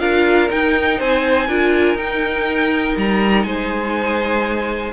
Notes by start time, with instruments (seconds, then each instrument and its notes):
0.00 cello D4, viola F4, violin A#4 F5
0.49 viola D#4, cello D#4, violin G5
0.99 cello C4, violin C5 G#5
1.48 cello D4, viola F4, violin A#4
1.95 cello D#4, viola D#4, violin G5
2.97 cello G3, violin A#5
3.44 cello G#3, violin C5 G#5